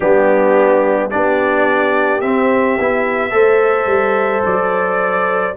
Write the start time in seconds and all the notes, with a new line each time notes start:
0.00 G3 B3 D4 G4
1.10 B3 D4 G4 D5
2.20 C4 E5
2.78 B3 E4
3.31 A3 A4 C5
3.86 G3
4.45 F#3 D5